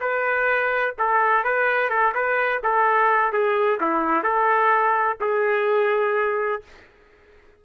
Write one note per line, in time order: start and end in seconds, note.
0.00 0.94 B4
0.98 1.43 A4
1.43 1.89 B4
1.89 2.13 A4
2.14 2.61 B4
2.63 3.32 A4
3.32 3.79 G#4
3.80 4.23 E4
4.23 5.17 A4
5.20 6.62 G#4